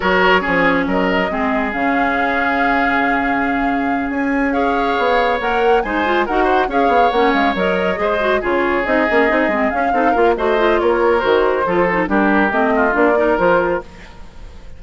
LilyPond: <<
  \new Staff \with { instrumentName = "flute" } { \time 4/4 \tempo 4 = 139 cis''2 dis''2 | f''1~ | f''4. gis''4 f''4.~ | f''8 fis''4 gis''4 fis''4 f''8~ |
f''8 fis''8 f''8 dis''2 cis''8~ | cis''8 dis''2 f''4. | dis''4 cis''4 c''2 | ais'4 dis''4 d''4 c''4 | }
  \new Staff \with { instrumentName = "oboe" } { \time 4/4 ais'4 gis'4 ais'4 gis'4~ | gis'1~ | gis'2~ gis'8 cis''4.~ | cis''4. c''4 ais'8 c''8 cis''8~ |
cis''2~ cis''8 c''4 gis'8~ | gis'2. a'8 ais'8 | c''4 ais'2 a'4 | g'4. f'4 ais'4. | }
  \new Staff \with { instrumentName = "clarinet" } { \time 4/4 fis'4 cis'2 c'4 | cis'1~ | cis'2~ cis'8 gis'4.~ | gis'8 ais'4 dis'8 f'8 fis'4 gis'8~ |
gis'8 cis'4 ais'4 gis'8 fis'8 f'8~ | f'8 dis'8 cis'8 dis'8 c'8 cis'8 dis'8 f'8 | fis'8 f'4. fis'4 f'8 dis'8 | d'4 c'4 d'8 dis'8 f'4 | }
  \new Staff \with { instrumentName = "bassoon" } { \time 4/4 fis4 f4 fis4 gis4 | cis1~ | cis4. cis'2 b8~ | b8 ais4 gis4 dis'4 cis'8 |
b8 ais8 gis8 fis4 gis4 cis8~ | cis8 c'8 ais8 c'8 gis8 cis'8 c'8 ais8 | a4 ais4 dis4 f4 | g4 a4 ais4 f4 | }
>>